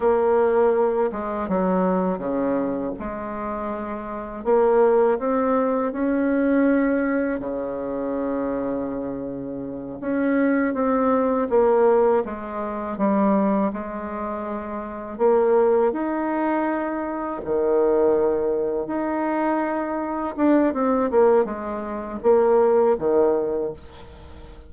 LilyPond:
\new Staff \with { instrumentName = "bassoon" } { \time 4/4 \tempo 4 = 81 ais4. gis8 fis4 cis4 | gis2 ais4 c'4 | cis'2 cis2~ | cis4. cis'4 c'4 ais8~ |
ais8 gis4 g4 gis4.~ | gis8 ais4 dis'2 dis8~ | dis4. dis'2 d'8 | c'8 ais8 gis4 ais4 dis4 | }